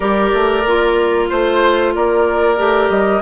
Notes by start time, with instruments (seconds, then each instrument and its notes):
0.00 bassoon G3, clarinet G4, oboe A#4, flute D5
0.33 bassoon A3
0.65 bassoon A#3, clarinet F4
1.28 bassoon A3, flute C5, oboe C5
1.94 bassoon A#3, oboe A#4, flute D5
2.57 bassoon A3, clarinet G4
2.89 bassoon G3, flute D#5